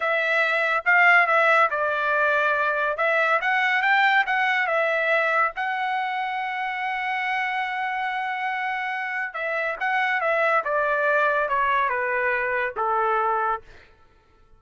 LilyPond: \new Staff \with { instrumentName = "trumpet" } { \time 4/4 \tempo 4 = 141 e''2 f''4 e''4 | d''2. e''4 | fis''4 g''4 fis''4 e''4~ | e''4 fis''2.~ |
fis''1~ | fis''2 e''4 fis''4 | e''4 d''2 cis''4 | b'2 a'2 | }